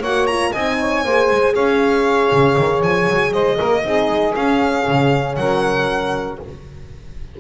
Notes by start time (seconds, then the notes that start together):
0.00 A#3 F#4 C#5 F#5
0.27 F4 A#5
0.53 C4 D#4 D#5 G#5
0.79 C#5
1.04 A#3 G#4 C5
1.31 G#3
1.54 C#4 C#5 F5
2.32 C#3
2.58 D#3
2.82 F3 G#5
3.09 F#3
3.33 G#3 C5 D#5
3.57 A#3 A#4
3.84 C4 D#4 G#4
4.09 G#3
4.35 C#4 F5
4.88 C#3
5.36 F#3 A#4 F#5